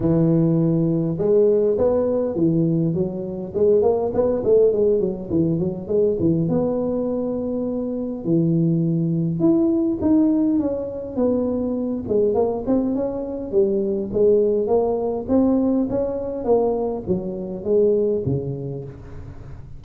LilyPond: \new Staff \with { instrumentName = "tuba" } { \time 4/4 \tempo 4 = 102 e2 gis4 b4 | e4 fis4 gis8 ais8 b8 a8 | gis8 fis8 e8 fis8 gis8 e8 b4~ | b2 e2 |
e'4 dis'4 cis'4 b4~ | b8 gis8 ais8 c'8 cis'4 g4 | gis4 ais4 c'4 cis'4 | ais4 fis4 gis4 cis4 | }